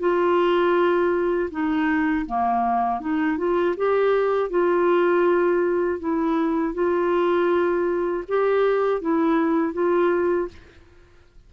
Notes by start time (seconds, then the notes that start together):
0.00 F4
1.51 D#4
2.26 A#3
3.01 D#4
3.38 F4
3.77 G4
4.50 F4
6.00 E4
6.74 F4
8.28 G4
9.01 E4
9.73 F4